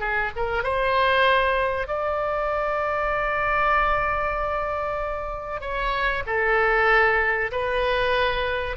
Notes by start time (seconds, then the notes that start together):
0.00 G#4
0.36 A#4
0.63 C5
1.88 D5
5.61 C#5
6.26 A4
7.52 B4